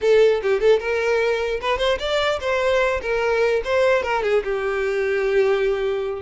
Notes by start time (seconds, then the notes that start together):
0.01 A4
0.42 G4
0.60 A4
0.79 A#4
1.60 B4
1.78 C5
1.99 D5
2.40 C5
3.01 A#4
3.64 C5
4.02 A#4
4.22 G#4
4.44 G4